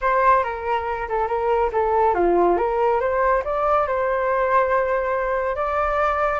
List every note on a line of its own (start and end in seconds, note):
0.01 0.43 C5
0.43 1.07 A#4
1.09 1.27 A4
1.27 1.70 A#4
1.72 2.14 A4
2.14 2.57 F4
2.57 3.00 A#4
3.00 3.43 C5
3.44 3.87 D5
3.87 5.55 C5
5.55 6.39 D5